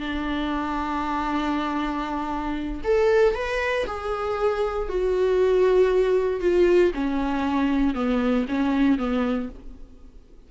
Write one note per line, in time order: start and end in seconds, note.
0.00 2.82 D4
2.85 3.35 A4
3.35 3.86 B4
3.87 4.89 G#4
4.89 6.41 F#4
6.41 6.92 F4
6.95 7.95 C#4
7.95 8.46 B3
8.49 8.98 C#4
8.98 9.50 B3